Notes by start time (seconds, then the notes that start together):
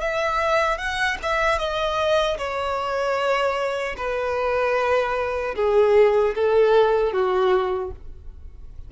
0.00 E5
0.77 F#5
1.22 E5
1.58 D#5
2.37 C#5
3.97 B4
5.55 G#4
6.34 A4
7.12 F#4